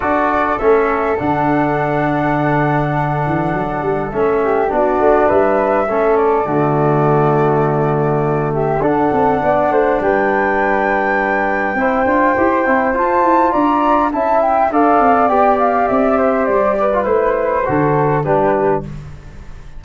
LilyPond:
<<
  \new Staff \with { instrumentName = "flute" } { \time 4/4 \tempo 4 = 102 d''4 e''4 fis''2~ | fis''2. e''4 | d''4 e''4. d''4.~ | d''2~ d''8 e''8 fis''4~ |
fis''4 g''2.~ | g''2 a''4 ais''4 | a''8 g''8 f''4 g''8 f''8 e''4 | d''4 c''2 b'4 | }
  \new Staff \with { instrumentName = "flute" } { \time 4/4 a'1~ | a'2.~ a'8 g'8 | fis'4 b'4 a'4 fis'4~ | fis'2~ fis'8 g'8 a'4 |
d''8 c''8 b'2. | c''2. d''4 | e''4 d''2~ d''8 c''8~ | c''8 b'4. a'4 g'4 | }
  \new Staff \with { instrumentName = "trombone" } { \time 4/4 fis'4 cis'4 d'2~ | d'2. cis'4 | d'2 cis'4 a4~ | a2. d'4~ |
d'1 | e'8 f'8 g'8 e'8 f'2 | e'4 a'4 g'2~ | g'8. f'16 e'4 fis'4 d'4 | }
  \new Staff \with { instrumentName = "tuba" } { \time 4/4 d'4 a4 d2~ | d4. e8 fis8 g8 a4 | b8 a8 g4 a4 d4~ | d2. d'8 c'8 |
b8 a8 g2. | c'8 d'8 e'8 c'8 f'8 e'8 d'4 | cis'4 d'8 c'8 b4 c'4 | g4 a4 d4 g4 | }
>>